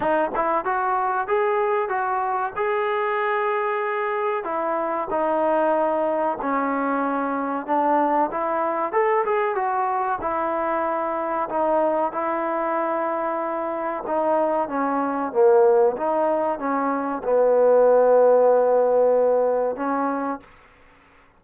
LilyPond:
\new Staff \with { instrumentName = "trombone" } { \time 4/4 \tempo 4 = 94 dis'8 e'8 fis'4 gis'4 fis'4 | gis'2. e'4 | dis'2 cis'2 | d'4 e'4 a'8 gis'8 fis'4 |
e'2 dis'4 e'4~ | e'2 dis'4 cis'4 | ais4 dis'4 cis'4 b4~ | b2. cis'4 | }